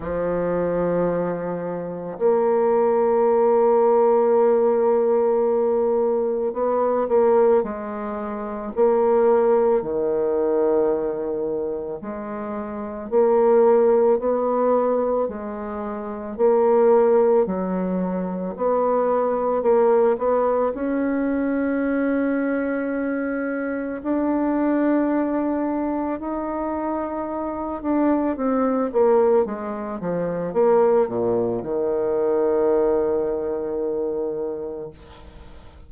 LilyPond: \new Staff \with { instrumentName = "bassoon" } { \time 4/4 \tempo 4 = 55 f2 ais2~ | ais2 b8 ais8 gis4 | ais4 dis2 gis4 | ais4 b4 gis4 ais4 |
fis4 b4 ais8 b8 cis'4~ | cis'2 d'2 | dis'4. d'8 c'8 ais8 gis8 f8 | ais8 ais,8 dis2. | }